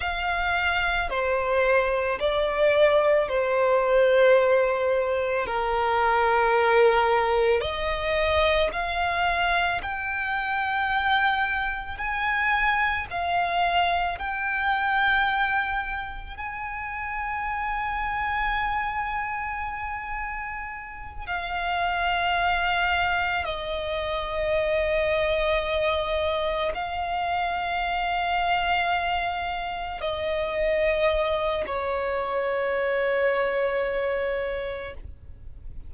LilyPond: \new Staff \with { instrumentName = "violin" } { \time 4/4 \tempo 4 = 55 f''4 c''4 d''4 c''4~ | c''4 ais'2 dis''4 | f''4 g''2 gis''4 | f''4 g''2 gis''4~ |
gis''2.~ gis''8 f''8~ | f''4. dis''2~ dis''8~ | dis''8 f''2. dis''8~ | dis''4 cis''2. | }